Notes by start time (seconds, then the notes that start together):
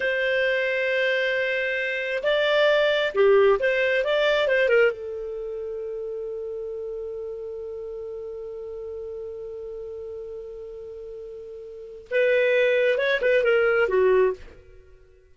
0.00 C5
2.23 D5
3.14 G4
3.59 C5
4.04 D5
4.48 C5
4.68 A#4
4.91 A4
12.10 B4
12.97 C#5
13.21 B4
13.43 A#4
13.88 F#4